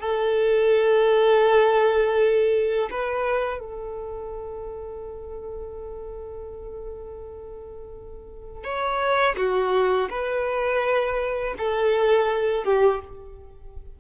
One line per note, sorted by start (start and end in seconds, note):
0.00 2.89 A4
2.90 3.59 B4
3.59 8.64 A4
8.64 9.36 C#5
9.36 10.09 F#4
10.10 11.54 B4
11.58 12.64 A4
12.64 13.00 G4